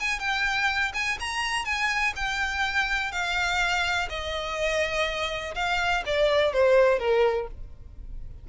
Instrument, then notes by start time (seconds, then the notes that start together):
violin
0.00 G#5
0.20 G5
0.94 G#5
1.20 A#5
1.65 G#5
2.16 G5
3.12 F5
4.10 D#5
5.55 F5
6.06 D5
6.53 C5
6.99 A#4